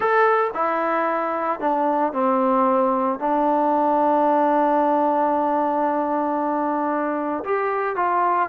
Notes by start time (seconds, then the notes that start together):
0.00 A4
0.53 E4
1.59 D4
2.12 C4
3.19 D4
7.44 G4
7.95 F4